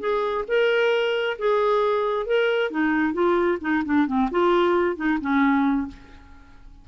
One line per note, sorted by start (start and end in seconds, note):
0.00 0.45 G#4
0.48 1.38 A#4
1.39 2.27 G#4
2.27 2.71 A#4
2.71 3.14 D#4
3.14 3.58 F4
3.61 3.83 D#4
3.85 4.07 D4
4.07 4.30 C4
4.31 4.96 F4
4.96 5.19 D#4
5.21 5.88 C#4